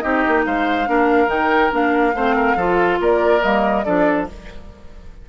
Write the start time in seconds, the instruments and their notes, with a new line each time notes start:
0.00 bassoon C4, clarinet D#4, oboe G4, flute D#5
0.28 bassoon A#3
0.46 bassoon G#3, oboe C5, flute F5
0.86 bassoon A#3, clarinet D4, oboe A#4
1.27 bassoon D#3, clarinet D#4, flute G5
1.71 bassoon A#3, clarinet D4, flute F5
2.15 bassoon A3, clarinet C4, oboe C5
2.36 oboe A#4
2.56 bassoon F3, clarinet F4, oboe A4
3.00 bassoon A#3, oboe A#4, flute D5
3.42 bassoon G3, clarinet A#3, flute D#5
3.84 bassoon F3, clarinet D4, oboe A4, flute D5